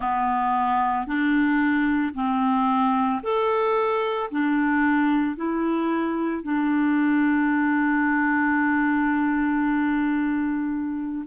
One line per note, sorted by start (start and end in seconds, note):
0.00 1.07 B3
1.07 2.14 D4
2.14 3.21 C4
3.22 4.30 A4
4.31 5.36 D4
5.36 6.43 E4
6.43 11.25 D4